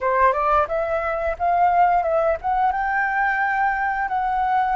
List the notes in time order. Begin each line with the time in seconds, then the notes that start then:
0.00 C5
0.32 D5
0.68 E5
1.38 F5
2.02 E5
2.41 F#5
2.71 G5
4.08 F#5